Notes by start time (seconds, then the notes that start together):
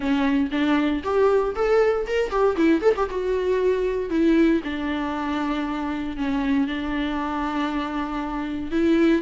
0.00 C#4
0.51 D4
1.03 G4
1.55 A4
2.07 A#4
2.30 G4
2.56 E4
2.81 A4
2.96 G4
3.10 F#4
4.10 E4
4.63 D4
6.16 C#4
6.67 D4
8.71 E4